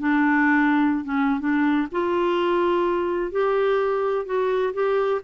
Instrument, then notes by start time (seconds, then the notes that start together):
clarinet
0.00 D4
1.05 C#4
1.40 D4
1.92 F4
3.32 G4
4.26 F#4
4.74 G4